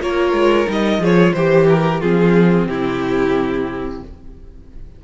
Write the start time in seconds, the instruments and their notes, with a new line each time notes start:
0.00 cello A#3, viola F4, violin A#4 C#5
0.33 cello G#3
0.66 cello G3, viola D#4, violin D#5
0.99 cello F3, viola F4, violin G#4 C#5
1.33 cello E3, violin G4 C5, viola G4
1.69 violin A#4
2.00 cello F3, viola C4, violin F4 G#4
2.67 cello C3, violin E4 G4